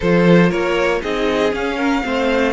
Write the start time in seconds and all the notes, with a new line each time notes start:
0.00 F3 F4 A4 C5
0.49 A#3 A#4 C#5
1.01 C4 D#4 G#4 D#5
1.51 C#4 F5
1.76 A#4
2.03 A3 C4 C5